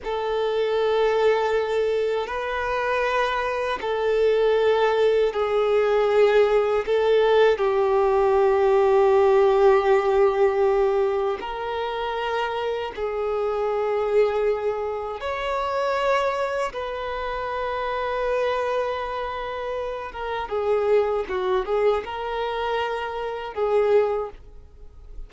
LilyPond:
\new Staff \with { instrumentName = "violin" } { \time 4/4 \tempo 4 = 79 a'2. b'4~ | b'4 a'2 gis'4~ | gis'4 a'4 g'2~ | g'2. ais'4~ |
ais'4 gis'2. | cis''2 b'2~ | b'2~ b'8 ais'8 gis'4 | fis'8 gis'8 ais'2 gis'4 | }